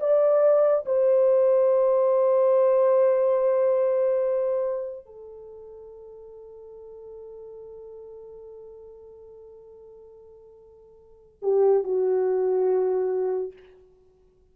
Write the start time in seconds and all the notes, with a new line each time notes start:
0.00 D5
0.85 C5
5.06 A4
11.42 G4
11.83 F#4